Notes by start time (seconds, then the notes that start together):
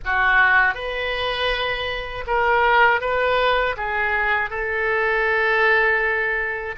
0.04 F#4
0.74 B4
2.27 A#4
3.00 B4
3.77 G#4
4.50 A4